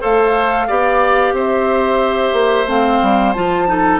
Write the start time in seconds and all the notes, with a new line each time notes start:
0.00 A3 A4 C5 F5
0.67 B3 G4 D5
1.32 C4 C5 E5
2.32 A#3
2.66 A3 C4 F5
3.02 G3
3.32 F3 F4 A5
3.67 D#4 A4